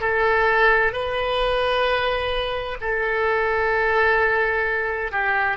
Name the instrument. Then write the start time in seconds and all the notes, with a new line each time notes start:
oboe
0.00 A4
0.92 B4
2.80 A4
5.11 G4